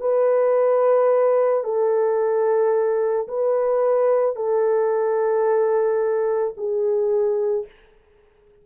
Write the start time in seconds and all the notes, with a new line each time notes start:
0.00 B4
1.64 A4
3.28 B4
4.36 A4
6.57 G#4